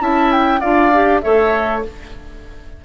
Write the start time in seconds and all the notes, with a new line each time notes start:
0.00 C#4 E4 E5 A5
0.32 G5
0.60 D4 F4 D5 F5
0.94 G4
1.22 A3 A4 C#5 E5